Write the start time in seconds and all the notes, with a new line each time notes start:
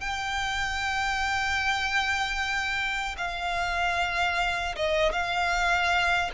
0.00 G5
3.17 F5
4.75 D#5
5.12 F5